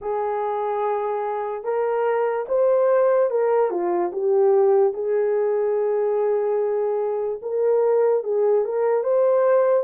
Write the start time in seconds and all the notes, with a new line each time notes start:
0.01 G#4
1.64 A#4
2.48 C5
3.30 A#4
3.70 F4
4.12 G4
4.93 G#4
7.42 A#4
8.23 G#4
8.64 A#4
9.03 C5